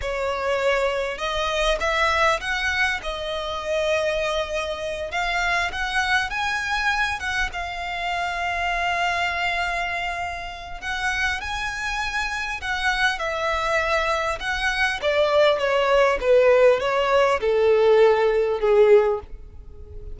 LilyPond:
\new Staff \with { instrumentName = "violin" } { \time 4/4 \tempo 4 = 100 cis''2 dis''4 e''4 | fis''4 dis''2.~ | dis''8 f''4 fis''4 gis''4. | fis''8 f''2.~ f''8~ |
f''2 fis''4 gis''4~ | gis''4 fis''4 e''2 | fis''4 d''4 cis''4 b'4 | cis''4 a'2 gis'4 | }